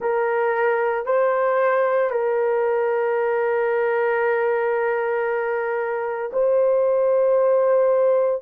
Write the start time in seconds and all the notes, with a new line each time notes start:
0.00 A#4
1.05 C5
2.10 A#4
6.32 C5